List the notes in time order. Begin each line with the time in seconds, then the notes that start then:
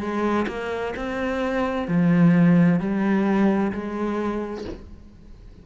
0.00 G#3
0.47 A#3
0.96 C4
1.88 F3
2.79 G3
3.72 G#3